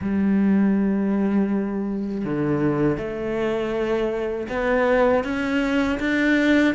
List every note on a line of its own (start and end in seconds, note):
0.01 2.24 G3
2.24 2.97 D3
2.97 4.47 A3
4.49 5.24 B3
5.24 5.99 C#4
5.99 6.74 D4